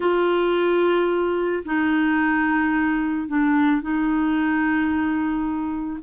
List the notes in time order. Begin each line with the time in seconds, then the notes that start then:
0.00 F4
1.65 D#4
3.28 D4
3.81 D#4